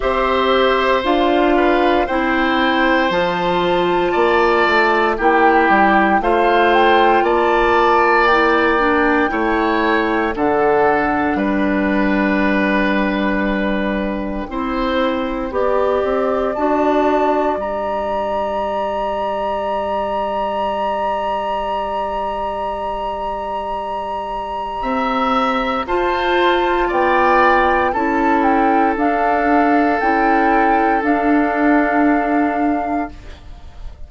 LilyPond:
<<
  \new Staff \with { instrumentName = "flute" } { \time 4/4 \tempo 4 = 58 e''4 f''4 g''4 a''4~ | a''4 g''4 f''8 g''8 a''4 | g''2 fis''4 g''4~ | g''1 |
a''4 ais''2.~ | ais''1~ | ais''4 a''4 g''4 a''8 g''8 | f''4 g''4 f''2 | }
  \new Staff \with { instrumentName = "oboe" } { \time 4/4 c''4. b'8 c''2 | d''4 g'4 c''4 d''4~ | d''4 cis''4 a'4 b'4~ | b'2 c''4 d''4~ |
d''1~ | d''1 | e''4 c''4 d''4 a'4~ | a'1 | }
  \new Staff \with { instrumentName = "clarinet" } { \time 4/4 g'4 f'4 e'4 f'4~ | f'4 e'4 f'2 | e'8 d'8 e'4 d'2~ | d'2 e'4 g'4 |
fis'4 g'2.~ | g'1~ | g'4 f'2 e'4 | d'4 e'4 d'2 | }
  \new Staff \with { instrumentName = "bassoon" } { \time 4/4 c'4 d'4 c'4 f4 | ais8 a8 ais8 g8 a4 ais4~ | ais4 a4 d4 g4~ | g2 c'4 b8 c'8 |
d'4 g2.~ | g1 | c'4 f'4 b4 cis'4 | d'4 cis'4 d'2 | }
>>